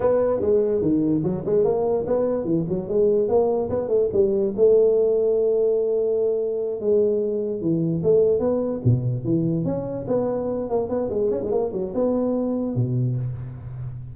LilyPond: \new Staff \with { instrumentName = "tuba" } { \time 4/4 \tempo 4 = 146 b4 gis4 dis4 fis8 gis8 | ais4 b4 e8 fis8 gis4 | ais4 b8 a8 g4 a4~ | a1~ |
a8 gis2 e4 a8~ | a8 b4 b,4 e4 cis'8~ | cis'8 b4. ais8 b8 gis8 cis'16 gis16 | ais8 fis8 b2 b,4 | }